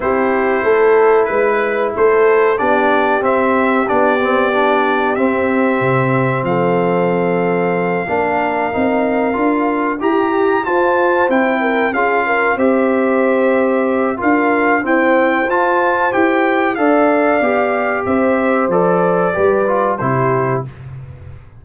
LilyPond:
<<
  \new Staff \with { instrumentName = "trumpet" } { \time 4/4 \tempo 4 = 93 c''2 b'4 c''4 | d''4 e''4 d''2 | e''2 f''2~ | f''2.~ f''8 ais''8~ |
ais''8 a''4 g''4 f''4 e''8~ | e''2 f''4 g''4 | a''4 g''4 f''2 | e''4 d''2 c''4 | }
  \new Staff \with { instrumentName = "horn" } { \time 4/4 g'4 a'4 b'4 a'4 | g'1~ | g'2 a'2~ | a'8 ais'2. g'8~ |
g'8 c''4. ais'8 gis'8 ais'8 c''8~ | c''2 ais'4 c''4~ | c''2 d''2 | c''2 b'4 g'4 | }
  \new Staff \with { instrumentName = "trombone" } { \time 4/4 e'1 | d'4 c'4 d'8 c'8 d'4 | c'1~ | c'8 d'4 dis'4 f'4 g'8~ |
g'8 f'4 e'4 f'4 g'8~ | g'2 f'4 c'4 | f'4 g'4 a'4 g'4~ | g'4 a'4 g'8 f'8 e'4 | }
  \new Staff \with { instrumentName = "tuba" } { \time 4/4 c'4 a4 gis4 a4 | b4 c'4 b2 | c'4 c4 f2~ | f8 ais4 c'4 d'4 e'8~ |
e'8 f'4 c'4 cis'4 c'8~ | c'2 d'4 e'4 | f'4 e'4 d'4 b4 | c'4 f4 g4 c4 | }
>>